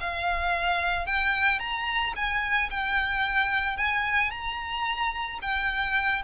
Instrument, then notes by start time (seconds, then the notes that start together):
violin
0.00 F5
1.06 G5
1.59 A#5
2.15 G#5
2.70 G5
3.77 G#5
4.30 A#5
5.41 G5